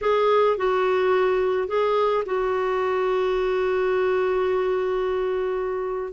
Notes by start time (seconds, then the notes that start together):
0.01 G#4
0.57 F#4
1.67 G#4
2.25 F#4